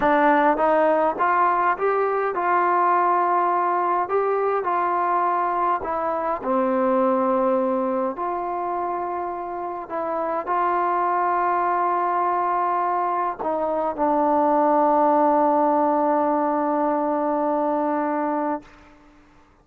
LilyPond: \new Staff \with { instrumentName = "trombone" } { \time 4/4 \tempo 4 = 103 d'4 dis'4 f'4 g'4 | f'2. g'4 | f'2 e'4 c'4~ | c'2 f'2~ |
f'4 e'4 f'2~ | f'2. dis'4 | d'1~ | d'1 | }